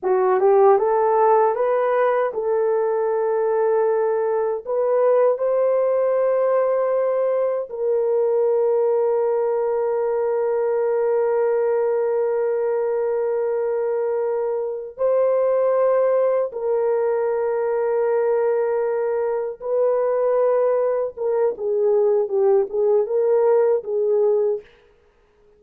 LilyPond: \new Staff \with { instrumentName = "horn" } { \time 4/4 \tempo 4 = 78 fis'8 g'8 a'4 b'4 a'4~ | a'2 b'4 c''4~ | c''2 ais'2~ | ais'1~ |
ais'2.~ ais'8 c''8~ | c''4. ais'2~ ais'8~ | ais'4. b'2 ais'8 | gis'4 g'8 gis'8 ais'4 gis'4 | }